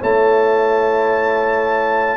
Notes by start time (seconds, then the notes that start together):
0.00 A3 E4 C#5 A5